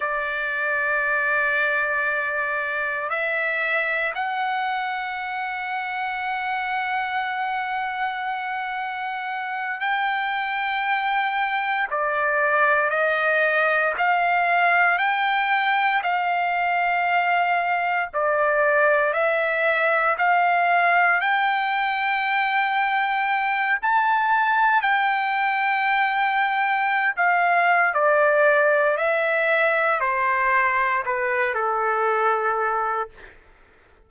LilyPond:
\new Staff \with { instrumentName = "trumpet" } { \time 4/4 \tempo 4 = 58 d''2. e''4 | fis''1~ | fis''4. g''2 d''8~ | d''8 dis''4 f''4 g''4 f''8~ |
f''4. d''4 e''4 f''8~ | f''8 g''2~ g''8 a''4 | g''2~ g''16 f''8. d''4 | e''4 c''4 b'8 a'4. | }